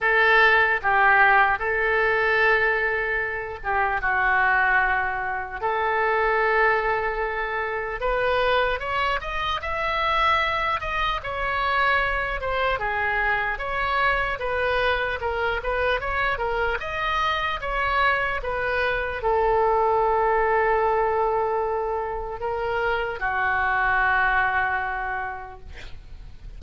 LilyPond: \new Staff \with { instrumentName = "oboe" } { \time 4/4 \tempo 4 = 75 a'4 g'4 a'2~ | a'8 g'8 fis'2 a'4~ | a'2 b'4 cis''8 dis''8 | e''4. dis''8 cis''4. c''8 |
gis'4 cis''4 b'4 ais'8 b'8 | cis''8 ais'8 dis''4 cis''4 b'4 | a'1 | ais'4 fis'2. | }